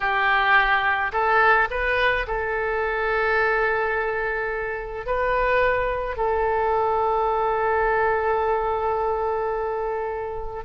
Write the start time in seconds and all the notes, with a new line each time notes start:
0.00 G4
1.12 A4
1.70 B4
2.27 A4
5.06 B4
6.16 A4